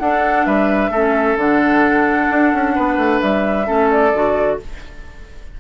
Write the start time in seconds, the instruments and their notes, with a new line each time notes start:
0.00 bassoon D4, clarinet D4, oboe A4, flute F#5
0.46 bassoon G3, oboe B4, flute E5
0.90 bassoon A3, clarinet C#4, oboe A4
1.37 bassoon D3, clarinet D4, flute F#5
2.31 bassoon D4
2.54 bassoon C#4
2.76 bassoon B3, oboe B4
2.98 bassoon A3
3.22 bassoon G3, flute E5
3.66 bassoon A3, clarinet C#4, oboe A4
3.91 flute D5
4.14 bassoon D3, clarinet F#4